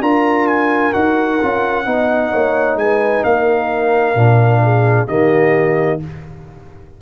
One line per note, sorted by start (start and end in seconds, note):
0.00 0.92 D4
0.00 0.92 F4
0.00 1.86 A#4
0.00 0.47 A#5
0.47 0.93 G#5
0.92 1.41 D#4
0.92 1.39 F#4
0.92 2.77 F#5
1.41 1.86 C#4
1.41 1.85 F4
1.85 2.32 B3
1.85 4.15 D#4
1.85 2.32 D#5
2.32 2.75 A#3
2.32 2.78 C#5
2.75 3.21 G#3
2.75 3.26 B4
2.75 3.23 G#5
3.23 4.15 A#3
3.23 4.63 A#4
3.23 5.07 F5
4.15 5.07 A#2
4.15 5.07 D4
4.63 5.08 G#4
5.07 6.01 D#3
5.07 6.00 A#3
5.07 6.00 G4
5.07 6.00 D#5